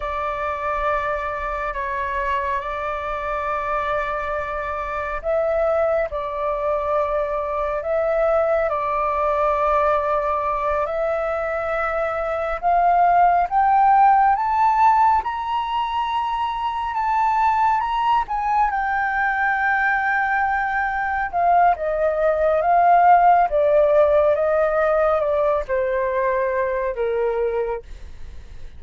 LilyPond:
\new Staff \with { instrumentName = "flute" } { \time 4/4 \tempo 4 = 69 d''2 cis''4 d''4~ | d''2 e''4 d''4~ | d''4 e''4 d''2~ | d''8 e''2 f''4 g''8~ |
g''8 a''4 ais''2 a''8~ | a''8 ais''8 gis''8 g''2~ g''8~ | g''8 f''8 dis''4 f''4 d''4 | dis''4 d''8 c''4. ais'4 | }